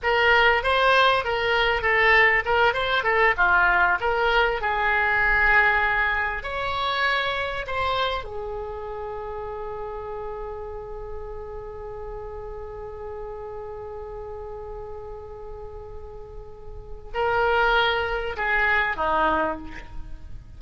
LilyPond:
\new Staff \with { instrumentName = "oboe" } { \time 4/4 \tempo 4 = 98 ais'4 c''4 ais'4 a'4 | ais'8 c''8 a'8 f'4 ais'4 gis'8~ | gis'2~ gis'8 cis''4.~ | cis''8 c''4 gis'2~ gis'8~ |
gis'1~ | gis'1~ | gis'1 | ais'2 gis'4 dis'4 | }